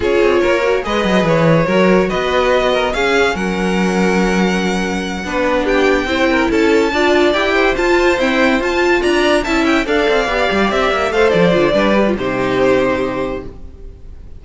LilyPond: <<
  \new Staff \with { instrumentName = "violin" } { \time 4/4 \tempo 4 = 143 cis''2 dis''4 cis''4~ | cis''4 dis''2 f''4 | fis''1~ | fis''4. g''2 a''8~ |
a''4. g''4 a''4 g''8~ | g''8 a''4 ais''4 a''8 g''8 f''8~ | f''4. e''4 f''8 d''4~ | d''4 c''2. | }
  \new Staff \with { instrumentName = "violin" } { \time 4/4 gis'4 ais'4 b'2 | ais'4 b'4. ais'8 gis'4 | ais'1~ | ais'8 b'4 g'4 c''8 ais'8 a'8~ |
a'8 d''4. c''2~ | c''4. d''4 e''4 d''8~ | d''2~ d''8 c''4. | b'4 g'2. | }
  \new Staff \with { instrumentName = "viola" } { \time 4/4 f'4. fis'8 gis'2 | fis'2. cis'4~ | cis'1~ | cis'8 d'2 e'4.~ |
e'8 f'4 g'4 f'4 c'8~ | c'8 f'2 e'4 a'8~ | a'8 g'2 a'4 f'8 | d'8 g'16 f'16 dis'2. | }
  \new Staff \with { instrumentName = "cello" } { \time 4/4 cis'8 c'8 ais4 gis8 fis8 e4 | fis4 b2 cis'4 | fis1~ | fis8 b2 c'4 cis'8~ |
cis'8 d'4 e'4 f'4 e'8~ | e'8 f'4 d'4 cis'4 d'8 | c'8 b8 g8 c'8 ais8 a8 f8 d8 | g4 c2. | }
>>